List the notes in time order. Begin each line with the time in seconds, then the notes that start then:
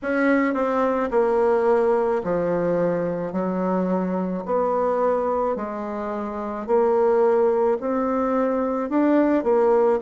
0.02 C#4
0.54 C4
1.11 A#3
2.23 F3
3.32 F#3
4.45 B3
5.56 G#3
6.66 A#3
7.80 C4
8.89 D4
9.43 A#3